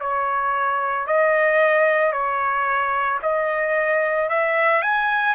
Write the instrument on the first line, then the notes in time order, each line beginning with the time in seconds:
trumpet
0.00 C#5
1.06 D#5
2.12 C#5
3.22 D#5
4.29 E5
4.82 G#5